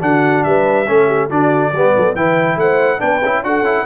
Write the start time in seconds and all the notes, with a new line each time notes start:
0.00 D3 D4 F#4 F#5
0.44 G3 B4 E5
0.87 A3 C#4 A4
1.07 G4
1.30 D3 D4 F#4 D5
1.73 G3 B3 G4
1.96 F#3 A4
2.16 E3 E4 B4 G5
2.57 A3 C5 F#5
2.99 B3 D4 B4 G5
3.23 C#4 E4
3.43 D4 F#4 A4 F#5
3.62 C#4 E4